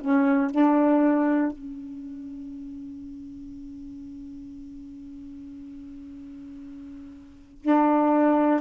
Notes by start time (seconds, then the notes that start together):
0.00 C#4
0.50 D4
1.52 C#4
7.61 D4